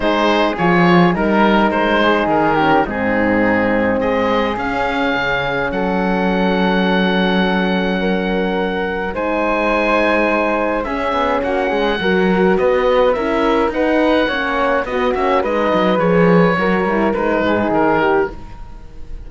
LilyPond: <<
  \new Staff \with { instrumentName = "oboe" } { \time 4/4 \tempo 4 = 105 c''4 cis''4 ais'4 c''4 | ais'4 gis'2 dis''4 | f''2 fis''2~ | fis''1 |
gis''2. e''4 | fis''2 dis''4 e''4 | fis''2 dis''8 e''8 dis''4 | cis''2 b'4 ais'4 | }
  \new Staff \with { instrumentName = "flute" } { \time 4/4 gis'2 ais'4. gis'8~ | gis'8 g'8 dis'2 gis'4~ | gis'2 a'2~ | a'2 ais'2 |
c''2. gis'4 | fis'8 gis'8 ais'4 b'4 ais'4 | b'4 cis''4 fis'4 b'4~ | b'4 ais'4. gis'4 g'8 | }
  \new Staff \with { instrumentName = "horn" } { \time 4/4 dis'4 f'4 dis'2~ | dis'8 cis'8 c'2. | cis'1~ | cis'1 |
dis'2. cis'4~ | cis'4 fis'2 e'4 | dis'4 cis'4 b8 cis'8 dis'4 | gis'4 fis'8 e'8 dis'2 | }
  \new Staff \with { instrumentName = "cello" } { \time 4/4 gis4 f4 g4 gis4 | dis4 gis,2 gis4 | cis'4 cis4 fis2~ | fis1 |
gis2. cis'8 b8 | ais8 gis8 fis4 b4 cis'4 | dis'4 ais4 b8 ais8 gis8 fis8 | f4 fis8 g8 gis8 gis,8 dis4 | }
>>